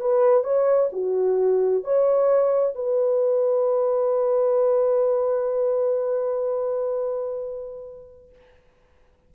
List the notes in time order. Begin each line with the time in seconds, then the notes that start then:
0.00 B4
0.43 C#5
0.92 F#4
1.84 C#5
2.75 B4